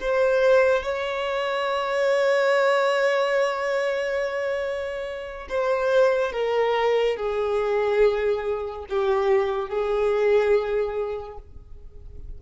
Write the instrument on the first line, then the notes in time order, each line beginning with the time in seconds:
violin
0.00 C5
0.83 C#5
5.49 C5
6.32 A#4
7.17 G#4
8.90 G4
9.69 G#4